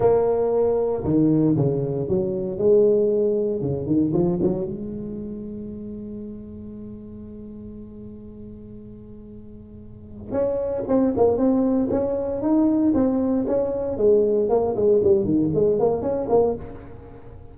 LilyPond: \new Staff \with { instrumentName = "tuba" } { \time 4/4 \tempo 4 = 116 ais2 dis4 cis4 | fis4 gis2 cis8 dis8 | f8 fis8 gis2.~ | gis1~ |
gis1 | cis'4 c'8 ais8 c'4 cis'4 | dis'4 c'4 cis'4 gis4 | ais8 gis8 g8 dis8 gis8 ais8 cis'8 ais8 | }